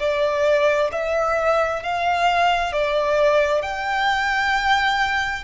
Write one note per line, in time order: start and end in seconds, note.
0.00 0.91 D5
0.92 1.83 E5
1.83 2.73 F5
2.73 3.62 D5
3.62 5.44 G5